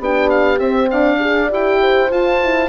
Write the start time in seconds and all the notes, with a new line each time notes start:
0.00 B3 D4 G4 G5
0.30 F5
0.59 C4 E5
0.91 D4 D5 F5
1.19 G#4
1.50 E4 G4 G5
1.82 C5
2.10 F4 A5
2.44 E4